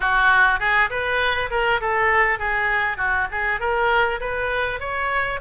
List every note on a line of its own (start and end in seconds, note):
0.00 0.59 F#4
0.59 0.89 G#4
0.89 1.49 B4
1.50 1.80 A#4
1.81 2.38 A4
2.38 2.97 G#4
2.97 3.27 F#4
3.31 3.60 G#4
3.60 4.20 A#4
4.20 4.80 B4
4.80 5.40 C#5